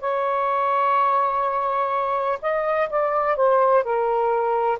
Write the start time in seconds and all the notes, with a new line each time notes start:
0.00 C#5
2.41 D#5
2.90 D5
3.36 C5
3.83 A#4